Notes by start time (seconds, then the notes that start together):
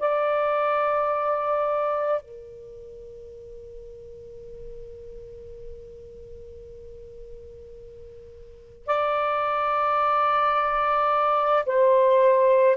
0.00 D5
2.22 A#4
8.87 D5
11.66 C5